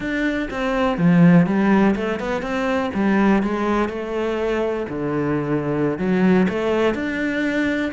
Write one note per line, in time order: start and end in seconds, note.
0.00 0.49 D4
0.50 0.97 C4
0.97 1.46 F3
1.46 1.95 G3
1.95 2.19 A3
2.19 2.42 B3
2.42 2.90 C4
2.94 3.43 G3
3.43 3.88 G#3
3.88 4.86 A3
4.88 5.98 D3
5.98 6.47 F#3
6.49 6.94 A3
6.94 7.92 D4